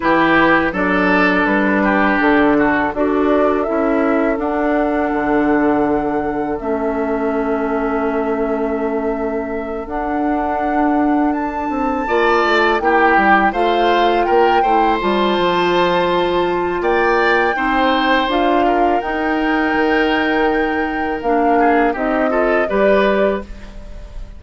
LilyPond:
<<
  \new Staff \with { instrumentName = "flute" } { \time 4/4 \tempo 4 = 82 b'4 d''4 b'4 a'4 | d''4 e''4 fis''2~ | fis''4 e''2.~ | e''4. fis''2 a''8~ |
a''4. g''4 f''4 g''8~ | g''8 a''2~ a''8 g''4~ | g''4 f''4 g''2~ | g''4 f''4 dis''4 d''4 | }
  \new Staff \with { instrumentName = "oboe" } { \time 4/4 g'4 a'4. g'4 fis'8 | a'1~ | a'1~ | a'1~ |
a'8 d''4 g'4 c''4 ais'8 | c''2. d''4 | c''4. ais'2~ ais'8~ | ais'4. gis'8 g'8 a'8 b'4 | }
  \new Staff \with { instrumentName = "clarinet" } { \time 4/4 e'4 d'2. | fis'4 e'4 d'2~ | d'4 cis'2.~ | cis'4. d'2~ d'8~ |
d'8 f'4 e'4 f'4. | e'8 f'2.~ f'8 | dis'4 f'4 dis'2~ | dis'4 d'4 dis'8 f'8 g'4 | }
  \new Staff \with { instrumentName = "bassoon" } { \time 4/4 e4 fis4 g4 d4 | d'4 cis'4 d'4 d4~ | d4 a2.~ | a4. d'2~ d'8 |
c'8 ais8 a8 ais8 g8 a4 ais8 | a8 g8 f2 ais4 | c'4 d'4 dis'4 dis4~ | dis4 ais4 c'4 g4 | }
>>